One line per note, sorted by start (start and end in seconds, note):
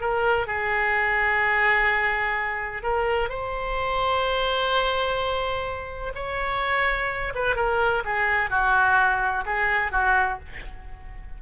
0.00 0.46 A#4
0.46 2.82 G#4
2.82 3.29 A#4
3.29 6.12 C5
6.15 7.33 C#5
7.34 7.55 B4
7.55 8.03 A#4
8.05 8.50 G#4
8.50 9.44 F#4
9.45 9.91 G#4
9.91 10.39 F#4